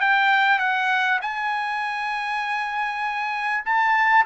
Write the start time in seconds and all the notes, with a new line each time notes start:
0.00 G5
0.58 F#5
1.21 G#5
3.65 A5